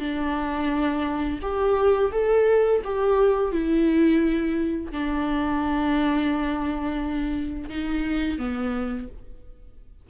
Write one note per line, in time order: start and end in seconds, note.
0.00 1.40 D4
1.42 2.12 G4
2.12 2.82 A4
2.84 3.52 G4
3.52 4.92 E4
4.92 7.70 D4
7.70 8.38 D#4
8.38 9.08 B3